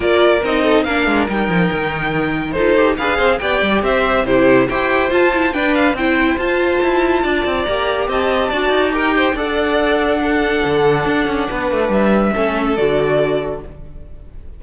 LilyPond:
<<
  \new Staff \with { instrumentName = "violin" } { \time 4/4 \tempo 4 = 141 d''4 dis''4 f''4 g''4~ | g''2 c''4 f''4 | g''4 e''4 c''4 g''4 | a''4 g''8 f''8 g''4 a''4~ |
a''2 ais''4 a''4~ | a''4 g''4 fis''2~ | fis''1 | e''2 d''2 | }
  \new Staff \with { instrumentName = "violin" } { \time 4/4 ais'4. a'8 ais'2~ | ais'2 a'4 b'8 c''8 | d''4 c''4 g'4 c''4~ | c''4 b'4 c''2~ |
c''4 d''2 dis''4 | d''4 ais'8 c''8 d''2 | a'2. b'4~ | b'4 a'2. | }
  \new Staff \with { instrumentName = "viola" } { \time 4/4 f'4 dis'4 d'4 dis'4~ | dis'2 f'8 g'8 gis'4 | g'2 e'4 g'4 | f'8 e'8 d'4 e'4 f'4~ |
f'2 g'2 | fis'4 g'4 a'2 | d'1~ | d'4 cis'4 fis'2 | }
  \new Staff \with { instrumentName = "cello" } { \time 4/4 ais4 c'4 ais8 gis8 g8 f8 | dis2 dis'4 d'8 c'8 | b8 g8 c'4 c4 e'4 | f'4 d'4 c'4 f'4 |
e'4 d'8 c'8 ais4 c'4 | d'8 dis'4. d'2~ | d'4 d4 d'8 cis'8 b8 a8 | g4 a4 d2 | }
>>